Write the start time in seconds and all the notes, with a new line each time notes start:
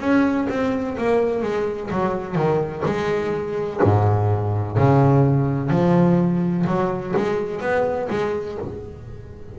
0.00 C#4
0.49 C4
0.98 A#3
1.42 G#3
1.91 F#3
2.35 D#3
2.85 G#3
3.83 G#2
4.77 C#3
5.70 F3
6.67 F#3
7.16 G#3
7.61 B3
8.10 G#3